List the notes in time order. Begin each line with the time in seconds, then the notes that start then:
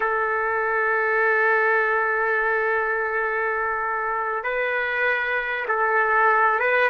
0.00 A4
4.43 B4
5.68 A4
6.59 B4